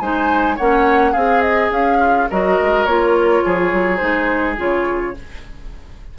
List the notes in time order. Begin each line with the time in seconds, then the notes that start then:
0.00 G#3 D#4 C5 G#5
0.56 A#3 C#4 C#5 F#5
1.12 C4 G#4 F5
1.42 D#5
1.71 C#4 F5
2.00 F4
2.31 F#3 F#4 A#4 D#5
2.62 G#3
2.86 A#3 F4 C#5
3.45 F3 G#4
3.73 F#3
3.97 G#3 D#4 C5
4.57 C#3 F4 C#5